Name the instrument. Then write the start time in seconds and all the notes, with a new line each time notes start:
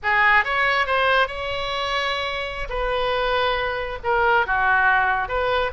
oboe
0.03 G#4
0.44 C#5
0.86 C5
1.27 C#5
2.69 B4
4.03 A#4
4.46 F#4
5.28 B4